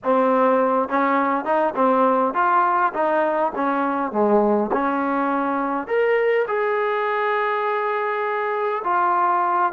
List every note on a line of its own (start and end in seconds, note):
0.03 0.88 C4
0.88 1.44 C#4
1.44 1.74 D#4
1.75 2.34 C4
2.34 2.93 F4
2.93 3.52 D#4
3.55 4.11 C#4
4.11 4.70 G#3
4.72 5.87 C#4
5.87 6.45 A#4
6.47 8.82 G#4
8.84 9.72 F4